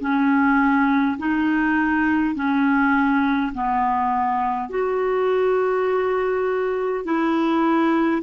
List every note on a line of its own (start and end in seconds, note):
0.00 1.18 C#4
1.19 2.35 D#4
2.35 3.53 C#4
3.54 4.70 B3
4.70 7.05 F#4
7.05 8.22 E4